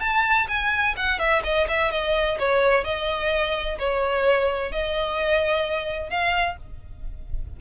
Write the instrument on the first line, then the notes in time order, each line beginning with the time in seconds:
violin
0.00 A5
0.48 G#5
0.96 F#5
1.18 E5
1.43 D#5
1.68 E5
1.91 D#5
2.39 C#5
2.84 D#5
3.78 C#5
4.71 D#5
6.09 F5